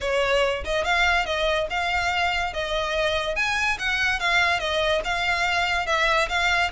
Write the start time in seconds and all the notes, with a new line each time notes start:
0.01 C#5
0.64 D#5
0.84 F5
1.25 D#5
1.70 F5
2.53 D#5
3.35 G#5
3.78 F#5
4.19 F5
4.59 D#5
5.04 F5
5.86 E5
6.28 F5